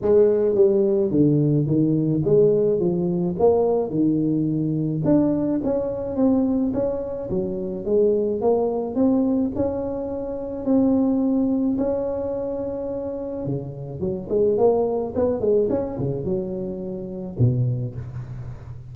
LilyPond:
\new Staff \with { instrumentName = "tuba" } { \time 4/4 \tempo 4 = 107 gis4 g4 d4 dis4 | gis4 f4 ais4 dis4~ | dis4 d'4 cis'4 c'4 | cis'4 fis4 gis4 ais4 |
c'4 cis'2 c'4~ | c'4 cis'2. | cis4 fis8 gis8 ais4 b8 gis8 | cis'8 cis8 fis2 b,4 | }